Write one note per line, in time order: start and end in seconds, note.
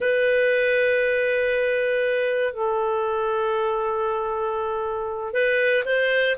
0.00 2.53 B4
2.53 5.33 A4
5.33 5.84 B4
5.85 6.36 C5